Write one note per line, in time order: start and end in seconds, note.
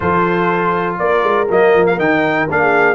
0.00 0.99 F3
0.00 1.47 F4
0.00 0.99 A4
0.00 0.96 C5
0.98 1.23 A#3
0.98 2.60 A#4
0.98 1.48 D5
1.23 1.48 G#3
1.49 1.74 F#3
1.49 1.98 A#3
1.49 1.86 D#5
1.74 1.99 F3
1.86 1.98 F5
1.98 2.48 D#3
1.98 2.48 D#4
1.98 2.49 G5
2.50 2.95 A#3
2.50 2.95 D4
2.50 2.95 F5
2.60 2.95 G#4